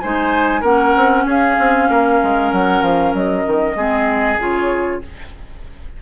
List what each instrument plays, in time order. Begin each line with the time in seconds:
0.00 bassoon G#3, clarinet D#4, oboe C5, flute G#5
0.61 bassoon A#3, clarinet C#4, oboe A#4, flute F#5
0.96 bassoon C4
1.25 bassoon C#4, oboe G#4, flute F5
1.59 bassoon C4
1.89 bassoon A#3, oboe A#4
2.23 bassoon G#3
2.52 bassoon F#3, flute F#5
2.82 bassoon F3, flute F5
3.14 bassoon F#3, flute D#5
3.47 bassoon D#3
3.76 bassoon G#3, clarinet C4, oboe G#4
4.38 bassoon C#3, clarinet F4, flute C#5